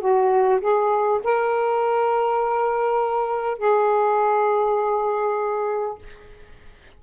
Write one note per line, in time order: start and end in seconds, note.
0.00 0.60 F#4
0.61 1.21 G#4
1.24 3.58 A#4
3.58 5.98 G#4